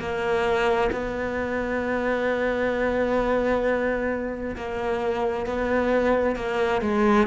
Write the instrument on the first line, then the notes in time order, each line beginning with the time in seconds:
cello
0.00 A#3
0.93 B3
4.57 A#3
5.47 B3
6.36 A#3
6.82 G#3